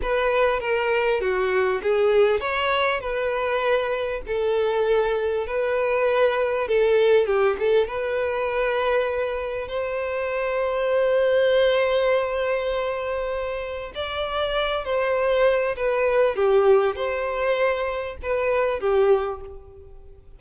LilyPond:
\new Staff \with { instrumentName = "violin" } { \time 4/4 \tempo 4 = 99 b'4 ais'4 fis'4 gis'4 | cis''4 b'2 a'4~ | a'4 b'2 a'4 | g'8 a'8 b'2. |
c''1~ | c''2. d''4~ | d''8 c''4. b'4 g'4 | c''2 b'4 g'4 | }